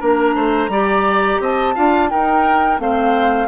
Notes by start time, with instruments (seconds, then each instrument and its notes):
0.00 bassoon A#3, clarinet D4, oboe A#4, flute A#5
0.36 bassoon A3, oboe C5
0.69 bassoon G3, clarinet G4, oboe D5
1.41 bassoon C4, oboe D#5, flute A5
1.75 bassoon D4, clarinet F4, oboe F5
2.10 clarinet D#4, bassoon D#4, oboe A#4, flute G5
2.78 bassoon A3, clarinet C4, oboe C5, flute F5